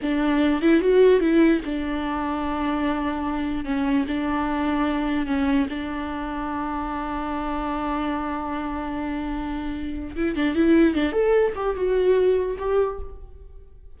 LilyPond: \new Staff \with { instrumentName = "viola" } { \time 4/4 \tempo 4 = 148 d'4. e'8 fis'4 e'4 | d'1~ | d'4 cis'4 d'2~ | d'4 cis'4 d'2~ |
d'1~ | d'1~ | d'4 e'8 d'8 e'4 d'8 a'8~ | a'8 g'8 fis'2 g'4 | }